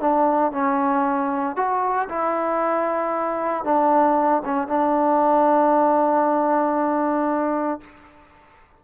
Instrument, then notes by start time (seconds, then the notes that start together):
trombone
0.00 D4
0.51 C#4
1.56 F#4
2.09 E4
3.64 D4
4.44 C#4
4.67 D4